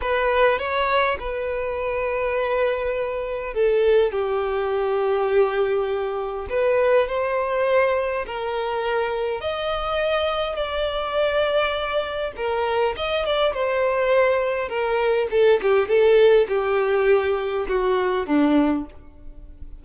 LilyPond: \new Staff \with { instrumentName = "violin" } { \time 4/4 \tempo 4 = 102 b'4 cis''4 b'2~ | b'2 a'4 g'4~ | g'2. b'4 | c''2 ais'2 |
dis''2 d''2~ | d''4 ais'4 dis''8 d''8 c''4~ | c''4 ais'4 a'8 g'8 a'4 | g'2 fis'4 d'4 | }